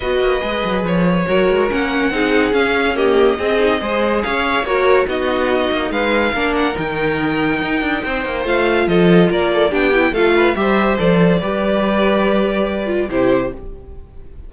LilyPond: <<
  \new Staff \with { instrumentName = "violin" } { \time 4/4 \tempo 4 = 142 dis''2 cis''2 | fis''2 f''4 dis''4~ | dis''2 f''4 cis''4 | dis''2 f''4. fis''8 |
g''1 | f''4 dis''4 d''4 g''4 | f''4 e''4 d''2~ | d''2. c''4 | }
  \new Staff \with { instrumentName = "violin" } { \time 4/4 b'2. ais'4~ | ais'4 gis'2 g'4 | gis'4 c''4 cis''4 ais'4 | fis'2 b'4 ais'4~ |
ais'2. c''4~ | c''4 a'4 ais'8 a'8 g'4 | a'8 b'8 c''2 b'4~ | b'2. g'4 | }
  \new Staff \with { instrumentName = "viola" } { \time 4/4 fis'4 gis'2 fis'4 | cis'4 dis'4 cis'4 ais4 | c'8 dis'8 gis'2 fis'4 | dis'2. d'4 |
dis'1 | f'2. d'8 e'8 | f'4 g'4 a'4 g'4~ | g'2~ g'8 f'8 e'4 | }
  \new Staff \with { instrumentName = "cello" } { \time 4/4 b8 ais8 gis8 fis8 f4 fis8 gis8 | ais4 c'4 cis'2 | c'4 gis4 cis'4 ais4 | b4. ais8 gis4 ais4 |
dis2 dis'8 d'8 c'8 ais8 | a4 f4 ais4 b4 | a4 g4 f4 g4~ | g2. c4 | }
>>